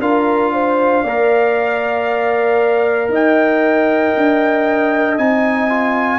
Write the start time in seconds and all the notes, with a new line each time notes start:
0.00 D4 F4 A#4 F5
0.53 C5
1.03 A#3 A#4 D5
3.09 D#4 D#5
3.15 G5
4.17 D4
5.18 C4 D#4 G#5
5.69 F4